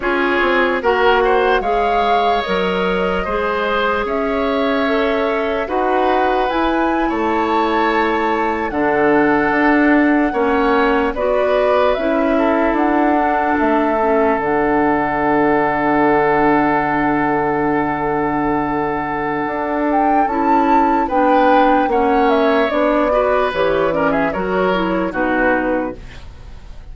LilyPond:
<<
  \new Staff \with { instrumentName = "flute" } { \time 4/4 \tempo 4 = 74 cis''4 fis''4 f''4 dis''4~ | dis''4 e''2 fis''4 | gis''8. a''2 fis''4~ fis''16~ | fis''4.~ fis''16 d''4 e''4 fis''16~ |
fis''8. e''4 fis''2~ fis''16~ | fis''1~ | fis''8 g''8 a''4 g''4 fis''8 e''8 | d''4 cis''8 d''16 e''16 cis''4 b'4 | }
  \new Staff \with { instrumentName = "oboe" } { \time 4/4 gis'4 ais'8 c''8 cis''2 | c''4 cis''2 b'4~ | b'8. cis''2 a'4~ a'16~ | a'8. cis''4 b'4. a'8.~ |
a'1~ | a'1~ | a'2 b'4 cis''4~ | cis''8 b'4 ais'16 gis'16 ais'4 fis'4 | }
  \new Staff \with { instrumentName = "clarinet" } { \time 4/4 f'4 fis'4 gis'4 ais'4 | gis'2 a'4 fis'4 | e'2~ e'8. d'4~ d'16~ | d'8. cis'4 fis'4 e'4~ e'16~ |
e'16 d'4 cis'8 d'2~ d'16~ | d'1~ | d'4 e'4 d'4 cis'4 | d'8 fis'8 g'8 cis'8 fis'8 e'8 dis'4 | }
  \new Staff \with { instrumentName = "bassoon" } { \time 4/4 cis'8 c'8 ais4 gis4 fis4 | gis4 cis'2 dis'4 | e'8. a2 d4 d'16~ | d'8. ais4 b4 cis'4 d'16~ |
d'8. a4 d2~ d16~ | d1 | d'4 cis'4 b4 ais4 | b4 e4 fis4 b,4 | }
>>